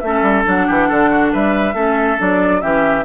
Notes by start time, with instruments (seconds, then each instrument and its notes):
0.00 bassoon A3, clarinet C#4, flute E5
0.06 oboe A4
0.22 bassoon G3
0.45 bassoon F#3, clarinet D4, flute F#5
0.67 bassoon E3, oboe G4
0.88 bassoon D3, oboe A4
1.10 oboe F#4
1.33 bassoon G3, oboe B4, flute E5
1.74 bassoon A3, clarinet C#4, oboe A4
2.18 bassoon F#3, clarinet D4, flute D5
2.61 bassoon E3, clarinet C#4, oboe G4, flute E5